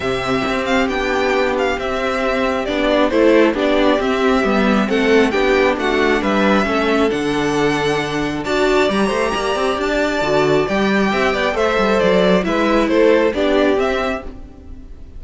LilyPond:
<<
  \new Staff \with { instrumentName = "violin" } { \time 4/4 \tempo 4 = 135 e''4. f''8 g''4. f''8 | e''2 d''4 c''4 | d''4 e''2 fis''4 | g''4 fis''4 e''2 |
fis''2. a''4 | ais''2 a''2 | g''2 e''4 d''4 | e''4 c''4 d''4 e''4 | }
  \new Staff \with { instrumentName = "violin" } { \time 4/4 g'1~ | g'2. a'4 | g'2. a'4 | g'4 fis'4 b'4 a'4~ |
a'2. d''4~ | d''8 c''8 d''2.~ | d''4 e''8 d''8 c''2 | b'4 a'4 g'2 | }
  \new Staff \with { instrumentName = "viola" } { \time 4/4 c'2 d'2 | c'2 d'4 e'4 | d'4 c'4 b4 c'4 | d'2. cis'4 |
d'2. fis'4 | g'2. fis'4 | g'2 a'2 | e'2 d'4 c'4 | }
  \new Staff \with { instrumentName = "cello" } { \time 4/4 c4 c'4 b2 | c'2 b4 a4 | b4 c'4 g4 a4 | b4 a4 g4 a4 |
d2. d'4 | g8 a8 ais8 c'8 d'4 d4 | g4 c'8 b8 a8 g8 fis4 | gis4 a4 b4 c'4 | }
>>